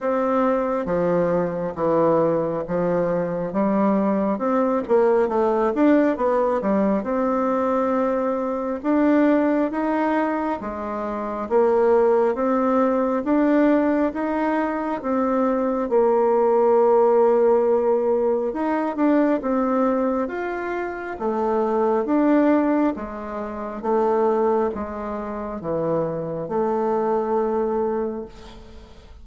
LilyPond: \new Staff \with { instrumentName = "bassoon" } { \time 4/4 \tempo 4 = 68 c'4 f4 e4 f4 | g4 c'8 ais8 a8 d'8 b8 g8 | c'2 d'4 dis'4 | gis4 ais4 c'4 d'4 |
dis'4 c'4 ais2~ | ais4 dis'8 d'8 c'4 f'4 | a4 d'4 gis4 a4 | gis4 e4 a2 | }